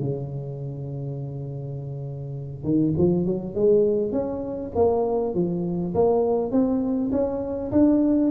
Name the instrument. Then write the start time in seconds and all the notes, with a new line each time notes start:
tuba
0.00 C#3
2.64 D#3
2.98 F3
3.26 F#3
3.55 G#3
4.12 C#4
4.76 A#3
5.35 F3
5.95 A#3
6.52 C4
7.12 C#4
7.72 D4